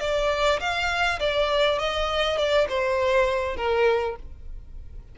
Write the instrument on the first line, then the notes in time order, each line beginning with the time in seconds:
violin
0.00 D5
0.60 F5
1.20 D5
1.79 D#5
2.38 D5
2.69 C5
3.56 A#4